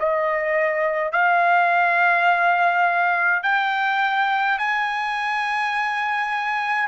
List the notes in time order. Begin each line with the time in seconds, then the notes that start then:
0.00 D#5
1.12 F5
3.43 G5
4.58 G#5